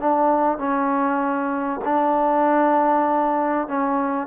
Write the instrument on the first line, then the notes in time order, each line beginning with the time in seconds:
trombone
0.00 D4
0.58 C#4
1.85 D4
3.68 C#4